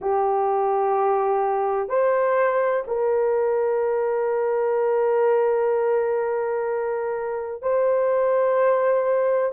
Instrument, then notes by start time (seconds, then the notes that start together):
horn
0.01 G4
1.88 C5
2.87 A#4
7.61 C5